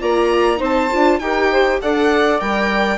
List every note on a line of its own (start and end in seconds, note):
0.00 0.60 A#3
0.00 0.57 F4
0.00 0.59 D5
0.00 0.62 A#5
0.57 0.90 C4
0.57 0.87 D#4
0.57 1.19 C5
0.65 1.19 A5
0.91 1.20 D4
0.91 1.21 F4
1.19 1.80 D#4
1.19 1.82 G4
1.19 1.51 A#4
1.19 1.79 G5
1.51 1.81 C5
1.82 2.41 D4
1.82 2.39 A4
1.82 2.98 D5
1.82 2.40 F#5
2.39 2.98 G3
2.39 2.98 A#4
2.39 2.98 G5